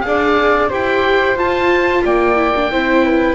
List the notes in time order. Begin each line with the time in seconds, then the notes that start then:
0.00 D4 G#4 F5
0.07 D5
0.69 E4 G4 C5 G5
1.36 F4 A5
2.04 A#3 D5 G5
2.35 E4
2.55 D4
2.71 C4 E4 C5
3.04 B4